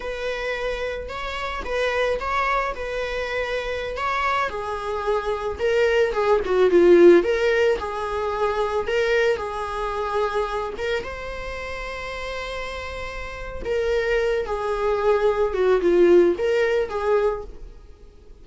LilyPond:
\new Staff \with { instrumentName = "viola" } { \time 4/4 \tempo 4 = 110 b'2 cis''4 b'4 | cis''4 b'2~ b'16 cis''8.~ | cis''16 gis'2 ais'4 gis'8 fis'16~ | fis'16 f'4 ais'4 gis'4.~ gis'16~ |
gis'16 ais'4 gis'2~ gis'8 ais'16~ | ais'16 c''2.~ c''8.~ | c''4 ais'4. gis'4.~ | gis'8 fis'8 f'4 ais'4 gis'4 | }